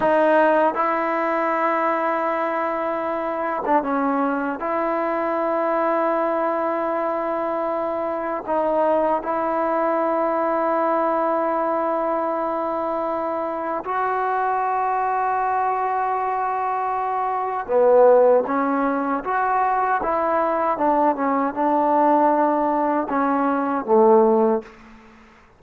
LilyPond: \new Staff \with { instrumentName = "trombone" } { \time 4/4 \tempo 4 = 78 dis'4 e'2.~ | e'8. d'16 cis'4 e'2~ | e'2. dis'4 | e'1~ |
e'2 fis'2~ | fis'2. b4 | cis'4 fis'4 e'4 d'8 cis'8 | d'2 cis'4 a4 | }